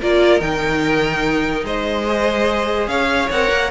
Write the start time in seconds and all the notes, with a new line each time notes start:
0.00 A#3 F4 A#4 D5
0.40 D#3 D#4 G5
1.64 G#3 C5 D#5
2.07 G#4
2.88 C#4 C#5 F5
3.31 C4 A#4 F#5
3.51 A#3